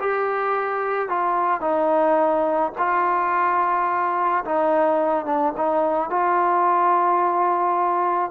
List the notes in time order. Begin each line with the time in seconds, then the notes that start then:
0.00 G4
1.09 F4
1.61 D#4
2.78 F4
4.45 D#4
5.26 D4
5.57 D#4
6.11 F4